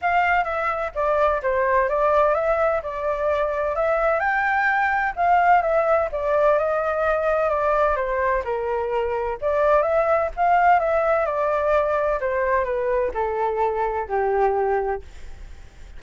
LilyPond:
\new Staff \with { instrumentName = "flute" } { \time 4/4 \tempo 4 = 128 f''4 e''4 d''4 c''4 | d''4 e''4 d''2 | e''4 g''2 f''4 | e''4 d''4 dis''2 |
d''4 c''4 ais'2 | d''4 e''4 f''4 e''4 | d''2 c''4 b'4 | a'2 g'2 | }